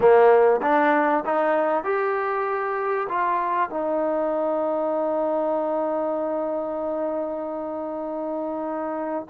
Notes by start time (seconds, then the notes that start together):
0.00 A#3
0.62 D4
1.25 D#4
1.84 G4
3.08 F4
3.70 D#4